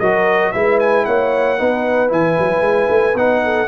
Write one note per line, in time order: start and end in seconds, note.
0.00 0.54 F#3
0.00 0.54 F#4
0.00 0.53 A#4
0.00 0.52 D#5
0.52 1.07 G#3
0.52 1.58 E4
0.52 1.06 B4
0.52 0.79 E5
0.80 1.05 G#5
1.05 1.60 A#3
1.05 1.59 C#5
1.05 2.11 F#5
1.58 2.11 B3
1.58 2.08 D#4
1.58 3.43 B4
2.08 2.38 E3
2.08 3.13 E4
2.08 3.17 G#5
2.39 2.61 F#3
2.61 2.87 G#3
2.89 3.15 A3
3.15 3.67 B3
3.15 3.68 D#4
3.15 3.68 F#5
3.44 3.68 A4